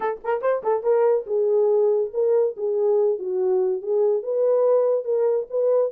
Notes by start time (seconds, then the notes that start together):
0.00 A4
0.24 A#4
0.41 C5
0.63 A4
0.83 A#4
1.26 G#4
2.13 A#4
2.56 G#4
3.18 F#4
3.82 G#4
4.23 B4
5.04 A#4
5.49 B4